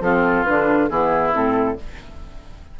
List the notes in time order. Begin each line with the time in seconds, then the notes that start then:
0.00 F3 C4 F4 A4
0.44 D3 D4 B4
0.88 E3 B3 E4 G#4
1.31 A2 C4 A4